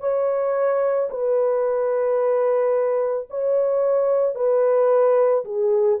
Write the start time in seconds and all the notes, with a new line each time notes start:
0.00 C#5
1.10 B4
3.30 C#5
4.35 B4
5.44 G#4